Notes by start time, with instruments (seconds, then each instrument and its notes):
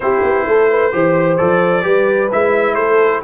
0.00 tuba C4, trombone E4, horn G4, trumpet C5
0.23 tuba B3
0.46 tuba A3, horn A4
0.70 horn B4
0.92 tuba E3, trombone G4, horn C5
1.37 tuba F3, trombone A4, trumpet D5
1.82 tuba G3, trombone G4, horn B4
2.31 tuba G#3, trombone E4, trumpet E5
2.74 tuba A3, horn A4, trumpet C5